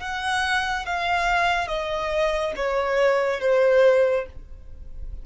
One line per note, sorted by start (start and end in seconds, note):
0.00 0.85 F#5
0.85 1.67 F5
1.67 2.53 D#5
2.56 3.40 C#5
3.40 4.26 C5